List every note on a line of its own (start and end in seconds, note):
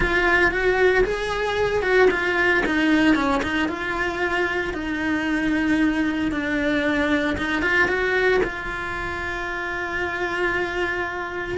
0.00 0.51 F4
0.51 1.04 F#4
1.04 1.82 G#4
1.82 2.08 F#4
2.11 2.63 F4
2.66 3.15 D#4
3.15 3.41 C#4
3.42 3.68 D#4
3.68 4.73 F4
4.73 6.31 D#4
6.31 7.36 D4
7.37 7.62 D#4
7.62 7.88 F4
7.88 8.40 F#4
8.43 11.58 F4